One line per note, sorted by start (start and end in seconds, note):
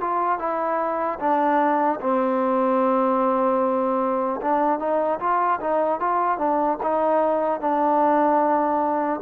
0.00 0.38 F4
0.38 1.18 E4
1.19 1.99 D4
2.00 4.40 C4
4.41 4.79 D4
4.79 5.19 D#4
5.19 5.59 F4
5.60 6.00 D#4
6.00 6.37 F4
6.37 6.77 D4
6.82 7.60 D#4
7.60 9.20 D4